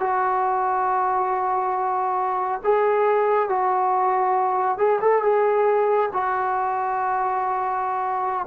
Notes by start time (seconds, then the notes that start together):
0.00 F#4
2.64 G#4
3.49 F#4
4.77 G#4
5.01 A4
5.22 G#4
6.13 F#4